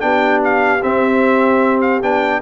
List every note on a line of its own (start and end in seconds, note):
0.00 0.83 B3
0.00 0.80 D4
0.00 2.42 G4
0.00 0.40 G5
0.44 0.83 F5
0.83 2.02 C4
0.83 1.81 E5
1.81 2.01 F5
2.02 2.42 B3
2.02 2.42 D4
2.02 2.42 G5